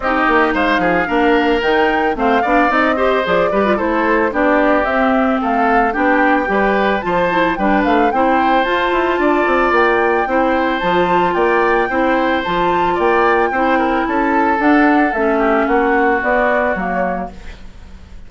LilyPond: <<
  \new Staff \with { instrumentName = "flute" } { \time 4/4 \tempo 4 = 111 dis''4 f''2 g''4 | f''4 dis''4 d''4 c''4 | d''4 e''4 f''4 g''4~ | g''4 a''4 g''8 f''8 g''4 |
a''2 g''2 | a''4 g''2 a''4 | g''2 a''4 fis''4 | e''4 fis''4 d''4 cis''4 | }
  \new Staff \with { instrumentName = "oboe" } { \time 4/4 g'4 c''8 gis'8 ais'2 | c''8 d''4 c''4 b'8 a'4 | g'2 a'4 g'4 | b'4 c''4 b'4 c''4~ |
c''4 d''2 c''4~ | c''4 d''4 c''2 | d''4 c''8 ais'8 a'2~ | a'8 g'8 fis'2. | }
  \new Staff \with { instrumentName = "clarinet" } { \time 4/4 dis'2 d'4 dis'4 | c'8 d'8 dis'8 g'8 gis'8 g'16 f'16 e'4 | d'4 c'2 d'4 | g'4 f'8 e'8 d'4 e'4 |
f'2. e'4 | f'2 e'4 f'4~ | f'4 e'2 d'4 | cis'2 b4 ais4 | }
  \new Staff \with { instrumentName = "bassoon" } { \time 4/4 c'8 ais8 gis8 f8 ais4 dis4 | a8 b8 c'4 f8 g8 a4 | b4 c'4 a4 b4 | g4 f4 g8 a8 c'4 |
f'8 e'8 d'8 c'8 ais4 c'4 | f4 ais4 c'4 f4 | ais4 c'4 cis'4 d'4 | a4 ais4 b4 fis4 | }
>>